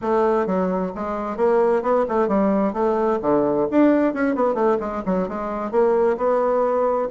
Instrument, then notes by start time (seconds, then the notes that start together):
bassoon
0.01 A3
0.46 F#3
0.95 G#3
1.36 A#3
1.82 B3
2.08 A3
2.28 G3
2.73 A3
3.21 D3
3.71 D4
4.13 C#4
4.35 B3
4.54 A3
4.80 G#3
5.05 F#3
5.28 G#3
5.71 A#3
6.17 B3